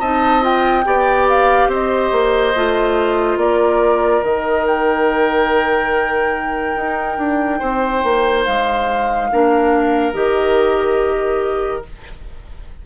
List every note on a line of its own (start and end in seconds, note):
0.00 0.85 C4
0.00 0.41 D#4
0.00 0.85 D#5
0.00 0.43 A5
0.41 0.83 F4
0.41 1.29 G5
0.85 1.68 B3
0.85 2.54 G4
0.85 1.70 D5
1.29 1.71 F5
1.68 2.10 C4
1.68 3.39 C5
1.68 3.39 D#5
2.12 2.54 A#3
2.56 3.37 A3
2.56 4.23 F4
3.37 4.21 A#3
3.37 7.59 A#4
3.37 4.24 D5
4.23 6.76 D#3
4.23 9.30 D#4
4.23 4.66 D#5
4.67 8.45 G5
6.76 7.18 D#4
7.18 7.61 D4
7.59 8.04 C4
7.59 9.28 C5
8.04 8.46 A#3
8.45 9.32 G#3
8.45 10.14 F5
9.32 10.14 A#3
9.32 10.14 D4
9.32 11.86 A#4
10.14 11.83 D#3
10.14 11.83 G4
10.14 11.83 D#5